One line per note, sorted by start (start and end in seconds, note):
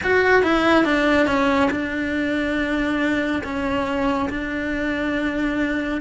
0.03 0.42 F#4
0.42 0.85 E4
0.85 1.26 D4
1.26 1.69 C#4
1.70 3.42 D4
3.43 4.29 C#4
4.29 6.01 D4